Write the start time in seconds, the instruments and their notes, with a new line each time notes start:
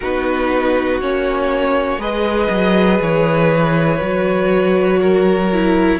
0.00 cello B3, viola D#4, violin F#4 B4
1.00 cello A#3, viola C#4, violin C#5
1.97 cello G#3, viola G#4, violin B4 D#5
2.50 cello F#3
3.00 cello E3, violin C#5
4.00 cello F#3, viola F#4
5.00 violin A#4
5.53 viola E4